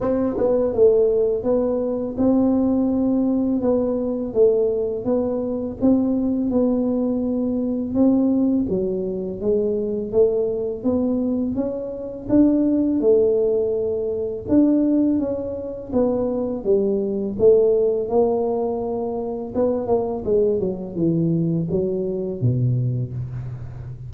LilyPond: \new Staff \with { instrumentName = "tuba" } { \time 4/4 \tempo 4 = 83 c'8 b8 a4 b4 c'4~ | c'4 b4 a4 b4 | c'4 b2 c'4 | fis4 gis4 a4 b4 |
cis'4 d'4 a2 | d'4 cis'4 b4 g4 | a4 ais2 b8 ais8 | gis8 fis8 e4 fis4 b,4 | }